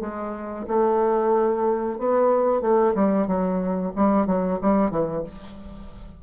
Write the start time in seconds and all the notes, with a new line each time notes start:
0.00 G#3
0.67 A3
1.98 B3
2.61 A3
2.94 G3
3.27 F#3
3.95 G3
4.26 F#3
4.61 G3
4.90 E3